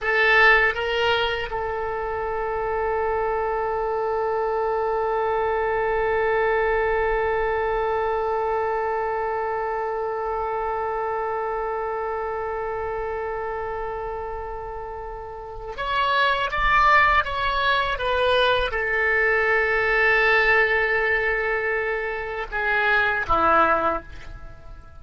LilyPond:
\new Staff \with { instrumentName = "oboe" } { \time 4/4 \tempo 4 = 80 a'4 ais'4 a'2~ | a'1~ | a'1~ | a'1~ |
a'1~ | a'4 cis''4 d''4 cis''4 | b'4 a'2.~ | a'2 gis'4 e'4 | }